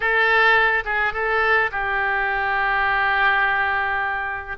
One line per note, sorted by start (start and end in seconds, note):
0.00 0.83 A4
0.84 1.13 G#4
1.13 1.70 A4
1.71 4.57 G4